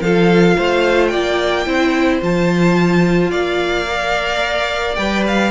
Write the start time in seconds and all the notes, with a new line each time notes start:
0.00 F3 F4 A4 F5
0.57 A3 C5
1.07 D5 G5
1.13 A#3
1.66 C4 E4 C5
2.21 F3 F4 A5
3.30 A#3 D5 F5
3.87 A#4
4.95 G3 B4 G5
5.27 F5